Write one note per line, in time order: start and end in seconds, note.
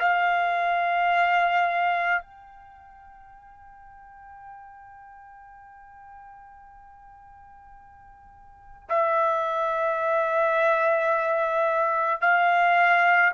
0.00 2.22 F5
2.22 8.89 G5
8.89 12.21 E5
12.21 13.32 F5